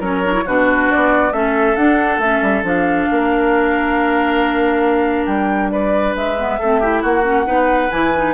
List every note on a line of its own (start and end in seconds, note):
0.00 0.44 F#3
0.00 0.23 C#4
0.00 0.44 A#4
0.00 0.47 C#5
0.24 0.33 D4
0.33 0.44 E4
0.46 0.90 B2
0.46 1.32 D4
0.46 1.33 F#4
0.46 0.91 B4
0.91 1.32 B3
0.91 1.33 D5
1.32 1.76 A3
1.32 1.76 C#4
1.32 3.09 A4
1.32 1.76 E5
1.76 2.18 D4
1.76 2.21 D4
1.76 2.20 F#5
2.18 2.40 A3
2.18 2.63 C#4
2.18 2.64 E5
2.42 2.63 G3
2.63 3.07 F3
2.63 6.36 D4
2.63 5.26 F5
3.11 5.26 A#3
3.11 5.72 A#4
5.26 6.14 G3
5.26 5.70 G5
5.70 6.59 B4
5.70 6.14 D5
6.15 6.59 G#3
6.15 7.04 E5
6.37 6.59 B3
6.59 7.03 A3
6.59 6.82 C4
6.59 6.80 A4
6.80 7.22 E4
6.80 7.02 G4
7.02 7.47 A#3
7.02 7.46 F#4
7.02 7.91 F#5
7.22 7.44 C#4
7.45 7.90 B3
7.45 7.89 D#4
7.45 8.33 B4
7.91 8.33 E3
7.91 8.13 E4
7.91 8.33 G#5
8.16 8.33 D#4